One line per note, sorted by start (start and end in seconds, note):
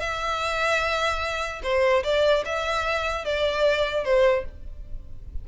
0.00 1.61 E5
1.63 2.03 C5
2.04 2.44 D5
2.45 3.25 E5
3.25 4.04 D5
4.04 4.45 C5